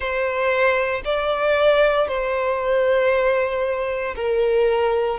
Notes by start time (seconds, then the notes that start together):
0.00 C5
1.04 D5
2.07 C5
4.15 A#4